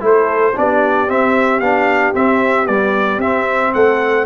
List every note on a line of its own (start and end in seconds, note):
0.00 0.55 A3
0.00 0.53 E4
0.00 0.56 A4
0.00 0.58 C5
0.55 1.08 B3
0.55 1.08 D4
0.55 3.74 G4
0.55 1.10 D5
1.08 1.60 C4
1.08 1.61 C4
1.08 1.60 E5
1.60 2.13 B3
1.60 2.14 D4
1.60 2.13 F5
2.14 2.67 C4
2.14 2.65 C4
2.14 2.67 E5
2.65 3.21 G3
2.65 3.18 B3
2.65 3.20 D5
3.18 3.71 C4
3.18 4.26 C4
3.18 3.73 E5
3.74 4.26 A3
3.74 4.26 A4
3.74 4.26 F#5